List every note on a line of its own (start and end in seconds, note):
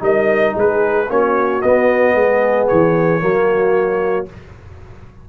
0.00 0.55 G3
0.00 1.06 D#4
0.00 0.54 A#4
0.00 0.57 D#5
0.54 1.10 G#3
0.54 1.07 G#4
0.54 1.11 B4
1.09 1.63 A#3
1.09 1.62 C#4
1.09 2.15 F#4
1.09 1.62 C#5
1.62 3.20 B3
1.62 2.14 B3
1.62 2.68 D#5
2.14 2.68 G#3
2.14 3.22 G#4
2.68 3.22 E3
2.68 4.27 C#5
3.20 4.29 F#3
3.20 4.26 A#3
3.20 4.29 F#4